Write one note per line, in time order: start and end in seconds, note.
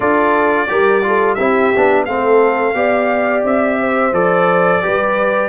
0.00 0.68 D4
0.00 0.67 F4
0.00 0.68 A4
0.00 1.34 D5
0.67 1.38 G3
0.67 1.02 G4
0.67 1.05 A#4
1.03 1.37 F4
1.03 1.35 A4
1.34 1.73 C4
1.34 1.73 E4
1.34 2.04 G4
1.34 2.03 E5
1.76 2.06 B3
1.76 2.07 D4
2.05 2.74 A3
2.05 2.74 C4
2.05 2.76 A4
2.05 3.43 F5
2.74 3.43 B3
2.74 4.12 G4
2.74 3.79 D5
3.44 4.12 C4
3.44 4.14 E5
3.80 4.83 C5
4.12 4.81 F3
4.12 4.82 A4
4.12 5.49 D5
4.82 5.49 G3
4.82 5.49 G4
4.82 5.49 B4